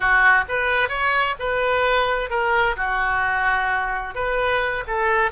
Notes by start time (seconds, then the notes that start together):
0.00 F#4
0.48 B4
0.89 C#5
1.39 B4
2.30 A#4
2.76 F#4
4.14 B4
4.87 A4